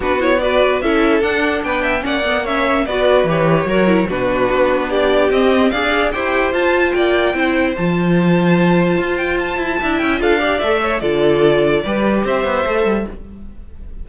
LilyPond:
<<
  \new Staff \with { instrumentName = "violin" } { \time 4/4 \tempo 4 = 147 b'8 cis''8 d''4 e''4 fis''4 | g''4 fis''4 e''4 d''4 | cis''2 b'2 | d''4 dis''4 f''4 g''4 |
a''4 g''2 a''4~ | a''2~ a''8 g''8 a''4~ | a''8 g''8 f''4 e''4 d''4~ | d''2 e''2 | }
  \new Staff \with { instrumentName = "violin" } { \time 4/4 fis'4 b'4 a'2 | b'8 e''8 d''4 cis''4 b'4~ | b'4 ais'4 fis'2 | g'2 d''4 c''4~ |
c''4 d''4 c''2~ | c''1 | e''4 a'8 d''4 cis''8 a'4~ | a'4 b'4 c''2 | }
  \new Staff \with { instrumentName = "viola" } { \time 4/4 d'8 e'8 fis'4 e'4 d'4~ | d'4 cis'8 b8 cis'4 fis'4 | g'4 fis'8 e'8 d'2~ | d'4 c'4 gis'4 g'4 |
f'2 e'4 f'4~ | f'1 | e'4 f'8 g'8 a'4 f'4~ | f'4 g'2 a'4 | }
  \new Staff \with { instrumentName = "cello" } { \time 4/4 b2 cis'4 d'4 | b4 ais2 b4 | e4 fis4 b,4 b4~ | b4 c'4 d'4 e'4 |
f'4 ais4 c'4 f4~ | f2 f'4. e'8 | d'8 cis'8 d'4 a4 d4~ | d4 g4 c'8 b8 a8 g8 | }
>>